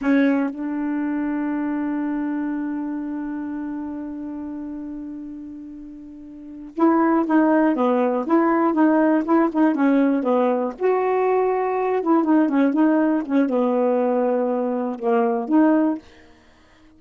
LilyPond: \new Staff \with { instrumentName = "saxophone" } { \time 4/4 \tempo 4 = 120 cis'4 d'2.~ | d'1~ | d'1~ | d'4. e'4 dis'4 b8~ |
b8 e'4 dis'4 e'8 dis'8 cis'8~ | cis'8 b4 fis'2~ fis'8 | e'8 dis'8 cis'8 dis'4 cis'8 b4~ | b2 ais4 dis'4 | }